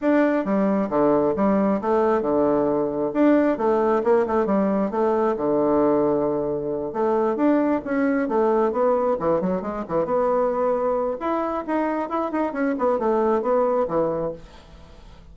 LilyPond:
\new Staff \with { instrumentName = "bassoon" } { \time 4/4 \tempo 4 = 134 d'4 g4 d4 g4 | a4 d2 d'4 | a4 ais8 a8 g4 a4 | d2.~ d8 a8~ |
a8 d'4 cis'4 a4 b8~ | b8 e8 fis8 gis8 e8 b4.~ | b4 e'4 dis'4 e'8 dis'8 | cis'8 b8 a4 b4 e4 | }